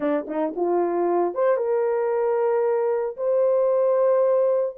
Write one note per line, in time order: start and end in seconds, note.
0.00 0.26 D4
0.27 0.53 D#4
0.56 1.34 F4
1.34 1.57 C5
1.57 3.16 A#4
3.16 4.76 C5